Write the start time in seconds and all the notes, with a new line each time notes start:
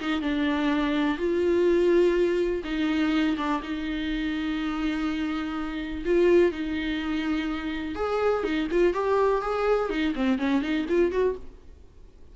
0.00 D#4
0.21 D4
1.17 F4
2.64 D#4
3.37 D4
3.62 D#4
6.05 F4
6.51 D#4
7.95 G#4
8.43 D#4
8.71 F4
8.93 G4
9.41 G#4
9.90 D#4
10.15 C4
10.38 C#4
10.62 D#4
10.88 F4
11.12 F#4